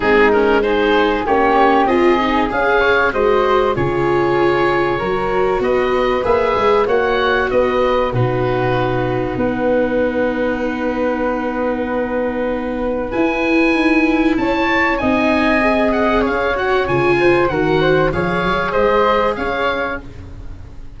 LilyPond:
<<
  \new Staff \with { instrumentName = "oboe" } { \time 4/4 \tempo 4 = 96 gis'8 ais'8 c''4 cis''4 dis''4 | f''4 dis''4 cis''2~ | cis''4 dis''4 e''4 fis''4 | dis''4 b'2 fis''4~ |
fis''1~ | fis''4 gis''2 a''4 | gis''4. fis''8 f''8 fis''8 gis''4 | fis''4 f''4 dis''4 f''4 | }
  \new Staff \with { instrumentName = "flute" } { \time 4/4 dis'4 gis'4 g'4 gis'4~ | gis'8 cis''8 c''4 gis'2 | ais'4 b'2 cis''4 | b'4 fis'2 b'4~ |
b'1~ | b'2. cis''4 | dis''2 cis''4. c''8 | ais'8 c''8 cis''4 c''4 cis''4 | }
  \new Staff \with { instrumentName = "viola" } { \time 4/4 c'8 cis'8 dis'4 cis'4 f'8 dis'8 | gis'4 fis'4 f'2 | fis'2 gis'4 fis'4~ | fis'4 dis'2.~ |
dis'1~ | dis'4 e'2. | dis'4 gis'4. fis'8 f'4 | fis'4 gis'2. | }
  \new Staff \with { instrumentName = "tuba" } { \time 4/4 gis2 ais4 c'4 | cis'4 gis4 cis2 | fis4 b4 ais8 gis8 ais4 | b4 b,2 b4~ |
b1~ | b4 e'4 dis'4 cis'4 | c'2 cis'4 cis4 | dis4 f8 fis8 gis4 cis'4 | }
>>